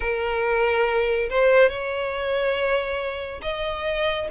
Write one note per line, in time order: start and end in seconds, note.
0.00 1.29 A#4
1.29 1.69 C5
1.69 3.41 C#5
3.42 4.27 D#5